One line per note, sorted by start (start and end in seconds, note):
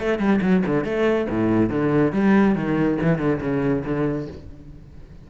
0.00 0.19 A3
0.19 0.41 G3
0.42 0.64 F#3
0.67 0.85 D3
0.85 1.28 A3
1.30 1.70 A2
1.70 2.13 D3
2.13 2.56 G3
2.56 2.99 D#3
3.02 3.19 E3
3.19 3.41 D3
3.41 3.84 C#3
3.85 4.28 D3